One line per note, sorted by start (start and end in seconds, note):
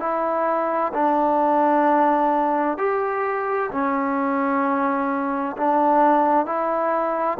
0.00 0.92 E4
0.94 2.78 D4
2.78 3.70 G4
3.72 5.56 C#4
5.57 6.46 D4
6.46 7.38 E4